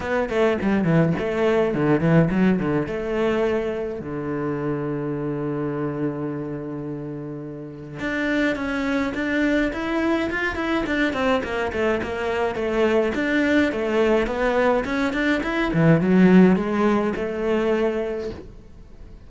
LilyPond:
\new Staff \with { instrumentName = "cello" } { \time 4/4 \tempo 4 = 105 b8 a8 g8 e8 a4 d8 e8 | fis8 d8 a2 d4~ | d1~ | d2 d'4 cis'4 |
d'4 e'4 f'8 e'8 d'8 c'8 | ais8 a8 ais4 a4 d'4 | a4 b4 cis'8 d'8 e'8 e8 | fis4 gis4 a2 | }